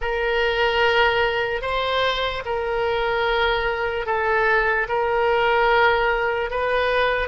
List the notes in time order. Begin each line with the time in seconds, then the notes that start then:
0.01 A#4
1.61 C5
2.45 A#4
4.06 A4
4.88 A#4
6.50 B4